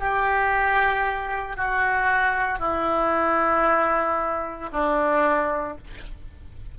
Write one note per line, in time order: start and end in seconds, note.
0.00 1.57 G4
1.57 2.59 F#4
2.59 4.70 E4
4.72 5.78 D4